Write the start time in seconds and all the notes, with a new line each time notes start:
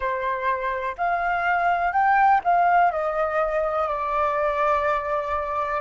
0.00 C5
0.97 F5
1.92 G5
2.44 F5
2.91 D#5
3.88 D5